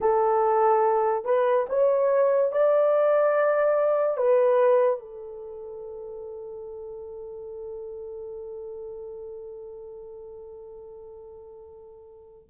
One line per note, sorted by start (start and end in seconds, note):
0.00 1.24 A4
1.24 1.66 B4
1.69 2.52 C#5
2.52 4.17 D5
4.17 4.99 B4
4.99 12.49 A4